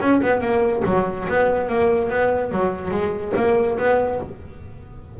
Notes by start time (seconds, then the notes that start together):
0.00 C#4
0.22 B3
0.41 A#3
0.85 F#3
1.28 B3
1.69 A#3
2.10 B3
2.51 F#3
2.91 G#3
3.36 A#3
3.78 B3